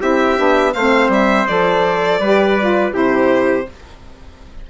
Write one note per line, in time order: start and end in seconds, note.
0.00 0.38 C4
0.00 0.37 E4
0.00 0.74 G4
0.00 0.73 E5
0.37 0.75 B3
0.37 0.73 D4
0.73 1.09 A3
0.73 1.48 C4
0.73 2.20 C5
0.73 1.10 F5
1.09 1.45 G3
1.09 1.47 E5
1.47 2.19 F3
1.47 2.21 A4
1.47 2.93 D5
2.19 2.92 G3
2.19 2.59 G4
2.19 2.93 B4
2.60 2.91 F4
2.91 3.66 C3
2.91 3.64 E4
2.91 3.67 G4
2.91 3.70 C5